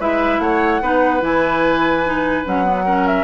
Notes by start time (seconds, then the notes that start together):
0.00 G#3 E4 B4 E5
0.40 A3 C#5 F#5
0.82 B3 D#4 B4
1.21 E3 E4 G#5
2.06 D#4
2.46 F#3 C#4 F#5
2.65 B3
2.86 C#4 A#4
3.08 E5